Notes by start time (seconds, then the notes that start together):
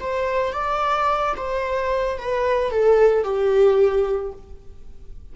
0.00 C5
0.52 D5
1.36 C5
2.18 B4
2.71 A4
3.23 G4